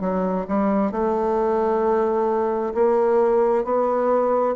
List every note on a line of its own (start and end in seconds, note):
0.00 0.45 F#3
0.48 0.91 G3
0.91 2.73 A3
2.74 3.64 A#3
3.64 4.55 B3